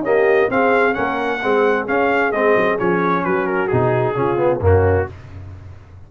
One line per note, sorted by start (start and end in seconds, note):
0.00 0.50 A#3
0.00 0.46 C#4
0.00 0.50 G4
0.00 0.50 D#5
0.50 0.95 C4
0.50 0.93 C4
0.50 0.95 G#4
0.50 0.94 F5
0.93 1.43 A#3
0.93 1.38 C#4
0.93 1.41 A#4
0.93 1.85 F#5
1.42 1.87 G#3
1.42 1.87 C4
1.42 3.25 G#4
1.87 2.32 C#4
1.87 2.31 F5
2.31 2.55 G#3
2.31 2.79 C4
2.31 2.77 D#5
2.56 2.79 F#3
2.79 3.25 F3
2.79 3.70 C#4
2.79 3.24 C#5
3.24 3.70 F#3
3.24 4.16 F#4
3.24 3.47 B4
3.47 3.67 A#4
3.67 4.16 B2
3.67 4.14 D#4
3.67 4.59 G#4
4.14 4.60 C#3
4.14 4.37 C#4
4.14 4.61 F4
4.37 4.60 B3
4.60 5.06 F#2
4.60 5.06 A#3
4.60 5.07 C#4
4.60 5.11 F#4